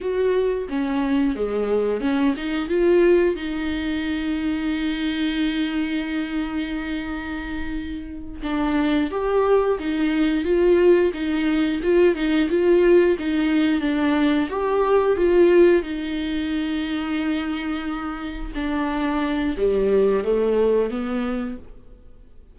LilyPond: \new Staff \with { instrumentName = "viola" } { \time 4/4 \tempo 4 = 89 fis'4 cis'4 gis4 cis'8 dis'8 | f'4 dis'2.~ | dis'1~ | dis'8 d'4 g'4 dis'4 f'8~ |
f'8 dis'4 f'8 dis'8 f'4 dis'8~ | dis'8 d'4 g'4 f'4 dis'8~ | dis'2.~ dis'8 d'8~ | d'4 g4 a4 b4 | }